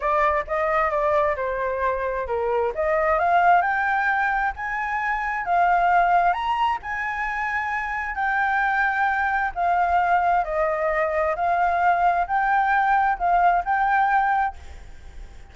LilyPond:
\new Staff \with { instrumentName = "flute" } { \time 4/4 \tempo 4 = 132 d''4 dis''4 d''4 c''4~ | c''4 ais'4 dis''4 f''4 | g''2 gis''2 | f''2 ais''4 gis''4~ |
gis''2 g''2~ | g''4 f''2 dis''4~ | dis''4 f''2 g''4~ | g''4 f''4 g''2 | }